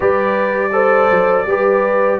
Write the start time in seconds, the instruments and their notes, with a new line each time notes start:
0.00 tuba G3, trombone G4, horn B4, trumpet D5
0.72 trombone A4, horn C5
1.11 tuba F#3
1.45 tuba G3, trombone G4, horn B4